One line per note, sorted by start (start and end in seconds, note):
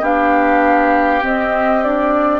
0.00 1.22 B3
0.00 1.21 D4
0.00 2.40 G4
0.00 1.24 F5
1.21 1.81 C4
1.21 2.40 C4
1.21 1.83 D#5
1.83 2.40 D4
1.83 2.40 D5